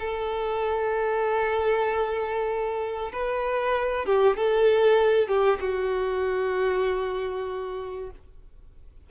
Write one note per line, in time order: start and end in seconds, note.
0.00 3.12 A4
3.13 4.06 B4
4.06 4.37 G4
4.37 5.28 A4
5.28 5.60 G4
5.61 8.11 F#4